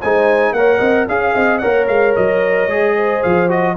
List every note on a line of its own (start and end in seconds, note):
0.00 0.53 G#3
0.00 0.57 D#4
0.00 0.54 C5
0.00 0.54 G#5
0.53 0.80 A#3
0.53 1.09 A#4
0.53 0.79 C#5
0.53 1.07 F#5
0.79 1.08 C4
0.79 1.05 D#5
1.08 1.35 C#4
1.08 1.62 G#4
1.08 1.59 F5
1.08 1.36 F5
1.36 1.63 C4
1.36 1.62 D#5
1.59 1.89 A#3
1.59 2.70 A#4
1.59 2.96 C#5
1.59 1.86 F#5
1.88 2.15 G#3
1.88 2.15 F5
2.16 2.68 F#3
2.16 3.23 D#5
2.68 3.21 G#3
2.68 3.49 G#4
2.96 3.77 C5
3.23 3.77 F3
3.23 3.50 F5
3.49 3.76 F#4
3.49 3.77 D#5